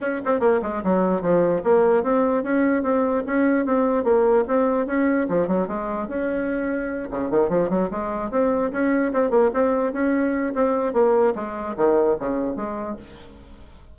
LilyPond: \new Staff \with { instrumentName = "bassoon" } { \time 4/4 \tempo 4 = 148 cis'8 c'8 ais8 gis8 fis4 f4 | ais4 c'4 cis'4 c'4 | cis'4 c'4 ais4 c'4 | cis'4 f8 fis8 gis4 cis'4~ |
cis'4. cis8 dis8 f8 fis8 gis8~ | gis8 c'4 cis'4 c'8 ais8 c'8~ | c'8 cis'4. c'4 ais4 | gis4 dis4 cis4 gis4 | }